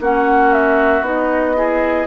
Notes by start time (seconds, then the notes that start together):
0.00 A#3 C#4 F#4 F#5
0.53 E5
1.02 B3 D#4 D#5
1.56 E4 G#4